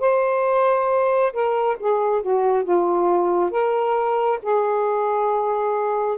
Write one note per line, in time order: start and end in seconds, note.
0.00 1.32 C5
1.33 1.77 A#4
1.80 2.22 G#4
2.22 2.64 F#4
2.64 3.51 F4
3.51 4.39 A#4
4.42 6.18 G#4